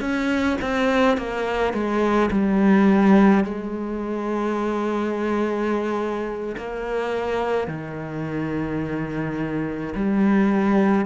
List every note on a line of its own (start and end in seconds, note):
0.00 0.57 C#4
0.61 1.17 C4
1.17 1.73 A#3
1.73 2.30 G#3
2.31 3.44 G3
3.44 6.56 G#3
6.57 7.67 A#3
7.67 9.94 D#3
9.95 11.05 G3